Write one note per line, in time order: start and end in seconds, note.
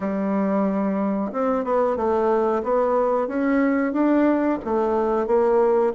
0.00 1.32 G3
1.32 1.64 C4
1.64 1.96 B3
1.96 2.62 A3
2.63 3.27 B3
3.27 3.93 C#4
3.93 4.59 D4
4.64 5.27 A3
5.27 5.93 A#3